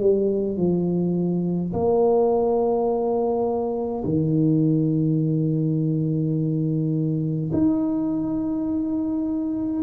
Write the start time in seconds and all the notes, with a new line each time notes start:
0.00 G3
0.58 F3
1.73 A#3
4.05 D#3
7.53 D#4